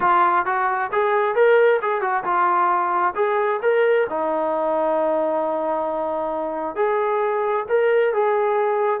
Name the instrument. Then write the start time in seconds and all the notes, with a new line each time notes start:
trombone
0.00 F4
0.45 F#4
0.91 G#4
1.35 A#4
1.81 G#4
2.01 F#4
2.23 F4
3.15 G#4
3.62 A#4
4.09 D#4
6.75 G#4
7.68 A#4
8.13 G#4